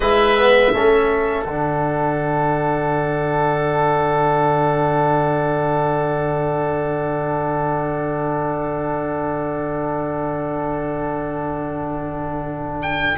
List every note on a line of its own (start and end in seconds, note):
0.00 0.72 G#3
0.00 0.38 E4
0.00 0.71 B4
0.00 1.44 E5
0.38 0.73 B3
0.73 1.44 A3
0.73 1.47 C#4
0.73 13.17 A4
1.44 13.14 D3
1.44 13.17 D4
1.44 12.78 F#5
12.82 13.17 G5